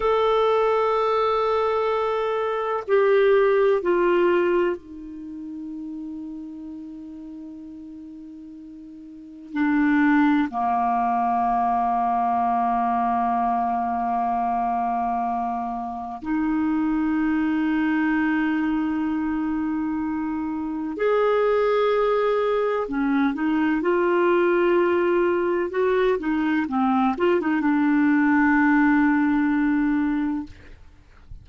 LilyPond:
\new Staff \with { instrumentName = "clarinet" } { \time 4/4 \tempo 4 = 63 a'2. g'4 | f'4 dis'2.~ | dis'2 d'4 ais4~ | ais1~ |
ais4 dis'2.~ | dis'2 gis'2 | cis'8 dis'8 f'2 fis'8 dis'8 | c'8 f'16 dis'16 d'2. | }